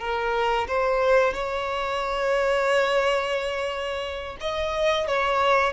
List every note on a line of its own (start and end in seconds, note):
0.00 0.67 A#4
0.68 1.34 C5
1.34 4.37 C#5
4.41 5.07 D#5
5.07 5.73 C#5